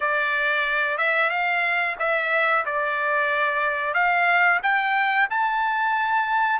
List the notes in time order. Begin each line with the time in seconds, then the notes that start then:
0.00 D5
0.97 E5
1.30 F5
1.99 E5
2.65 D5
3.94 F5
4.62 G5
5.30 A5